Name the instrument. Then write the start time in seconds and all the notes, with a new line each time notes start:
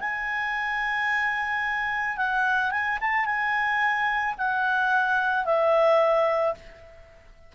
clarinet
0.00 G#5
2.17 F#5
2.71 G#5
3.00 A5
3.26 G#5
4.38 F#5
5.45 E5